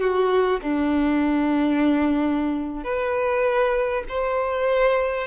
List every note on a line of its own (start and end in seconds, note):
0.00 0.60 F#4
0.62 2.83 D4
2.83 4.03 B4
4.08 5.27 C5